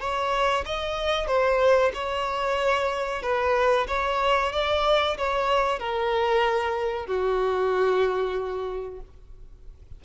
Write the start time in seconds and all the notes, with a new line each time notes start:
0.00 C#5
0.66 D#5
1.27 C5
1.94 C#5
3.22 B4
3.88 C#5
4.52 D5
5.18 C#5
5.79 A#4
7.06 F#4